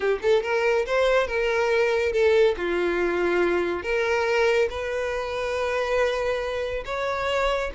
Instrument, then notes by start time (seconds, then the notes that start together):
violin
0.00 G4
0.22 A4
0.42 A#4
0.86 C5
1.27 A#4
2.12 A4
2.57 F4
3.82 A#4
4.69 B4
6.85 C#5